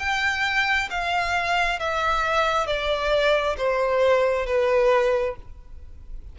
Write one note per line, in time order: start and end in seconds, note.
0.00 0.90 G5
0.90 1.80 F5
1.80 2.67 E5
2.67 3.56 D5
3.58 4.47 C5
4.47 5.36 B4